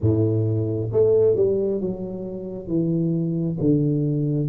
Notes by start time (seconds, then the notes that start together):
0.00 A2
0.92 A3
1.36 G3
1.80 F#3
2.67 E3
3.60 D3